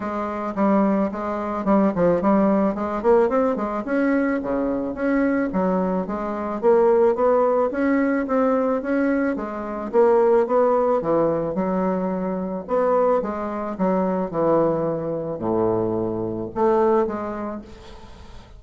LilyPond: \new Staff \with { instrumentName = "bassoon" } { \time 4/4 \tempo 4 = 109 gis4 g4 gis4 g8 f8 | g4 gis8 ais8 c'8 gis8 cis'4 | cis4 cis'4 fis4 gis4 | ais4 b4 cis'4 c'4 |
cis'4 gis4 ais4 b4 | e4 fis2 b4 | gis4 fis4 e2 | a,2 a4 gis4 | }